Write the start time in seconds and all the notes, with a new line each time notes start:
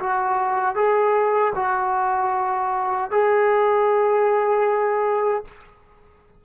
0.00 F#4
0.76 G#4
1.55 F#4
3.11 G#4